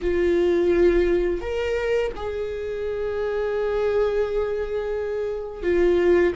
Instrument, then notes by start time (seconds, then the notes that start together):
viola
0.01 F4
1.41 A#4
2.15 G#4
5.62 F4